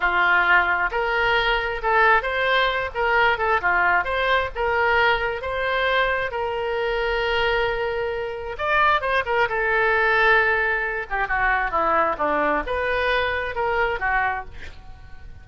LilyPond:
\new Staff \with { instrumentName = "oboe" } { \time 4/4 \tempo 4 = 133 f'2 ais'2 | a'4 c''4. ais'4 a'8 | f'4 c''4 ais'2 | c''2 ais'2~ |
ais'2. d''4 | c''8 ais'8 a'2.~ | a'8 g'8 fis'4 e'4 d'4 | b'2 ais'4 fis'4 | }